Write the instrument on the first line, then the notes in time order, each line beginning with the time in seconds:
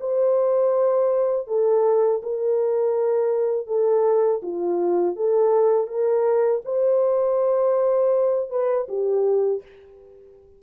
horn
0.00 C5
1.47 A4
2.23 A#4
3.67 A4
4.43 F4
5.16 A4
5.88 A#4
6.65 C5
8.50 B4
8.89 G4